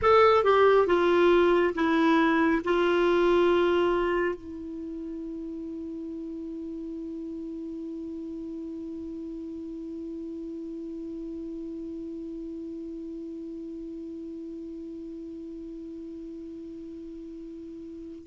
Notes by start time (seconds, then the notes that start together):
0.02 A4
0.43 G4
0.87 F4
1.74 E4
2.64 F4
4.35 E4